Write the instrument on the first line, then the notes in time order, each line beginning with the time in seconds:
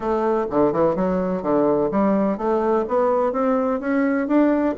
bassoon
0.00 A3
0.50 D3
0.72 E3
0.95 F#3
1.42 D3
1.91 G3
2.37 A3
2.87 B3
3.32 C4
3.80 C#4
4.27 D4